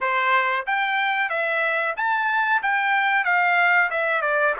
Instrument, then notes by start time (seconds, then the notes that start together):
trumpet
0.00 C5
0.66 G5
1.29 E5
1.96 A5
2.62 G5
3.24 F5
3.90 E5
4.21 D5